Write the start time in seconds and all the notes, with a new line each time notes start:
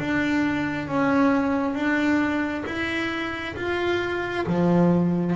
0.00 D4
0.88 C#4
1.75 D4
2.66 E4
3.56 F4
4.47 F3